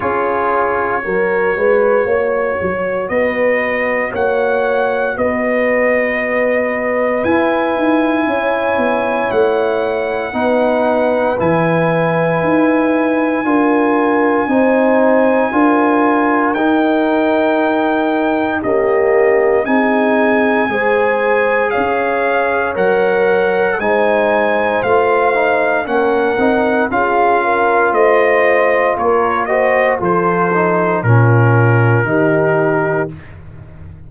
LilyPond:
<<
  \new Staff \with { instrumentName = "trumpet" } { \time 4/4 \tempo 4 = 58 cis''2. dis''4 | fis''4 dis''2 gis''4~ | gis''4 fis''2 gis''4~ | gis''1 |
g''2 dis''4 gis''4~ | gis''4 f''4 fis''4 gis''4 | f''4 fis''4 f''4 dis''4 | cis''8 dis''8 c''4 ais'2 | }
  \new Staff \with { instrumentName = "horn" } { \time 4/4 gis'4 ais'8 b'8 cis''4 b'4 | cis''4 b'2. | cis''2 b'2~ | b'4 ais'4 c''4 ais'4~ |
ais'2 g'4 gis'4 | c''4 cis''2 c''4~ | c''4 ais'4 gis'8 ais'8 c''4 | ais'8 c''8 a'4 f'4 g'4 | }
  \new Staff \with { instrumentName = "trombone" } { \time 4/4 f'4 fis'2.~ | fis'2. e'4~ | e'2 dis'4 e'4~ | e'4 f'4 dis'4 f'4 |
dis'2 ais4 dis'4 | gis'2 ais'4 dis'4 | f'8 dis'8 cis'8 dis'8 f'2~ | f'8 fis'8 f'8 dis'8 cis'4 dis'4 | }
  \new Staff \with { instrumentName = "tuba" } { \time 4/4 cis'4 fis8 gis8 ais8 fis8 b4 | ais4 b2 e'8 dis'8 | cis'8 b8 a4 b4 e4 | dis'4 d'4 c'4 d'4 |
dis'2 cis'4 c'4 | gis4 cis'4 fis4 gis4 | a4 ais8 c'8 cis'4 a4 | ais4 f4 ais,4 dis4 | }
>>